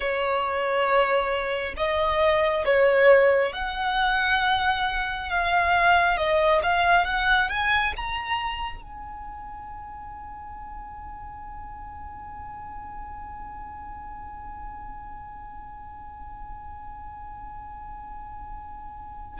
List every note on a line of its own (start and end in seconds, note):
0.00 1.74 C#5
1.76 2.65 D#5
2.65 3.53 C#5
3.53 5.29 F#5
5.29 6.17 F5
6.17 6.61 D#5
6.62 7.05 F5
7.05 7.49 F#5
7.49 7.93 G#5
7.96 8.82 A#5
8.82 19.39 G#5